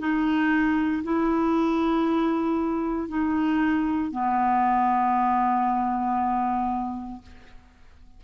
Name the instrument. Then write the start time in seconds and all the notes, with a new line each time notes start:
clarinet
0.00 D#4
1.04 E4
3.09 D#4
4.12 B3